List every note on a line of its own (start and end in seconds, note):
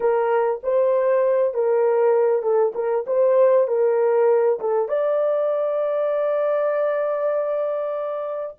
0.00 0.61 A#4
0.63 1.53 C5
1.53 2.42 A#4
2.42 2.72 A4
2.74 3.05 A#4
3.06 3.67 C5
3.67 4.59 A#4
4.59 4.88 A4
4.88 8.55 D5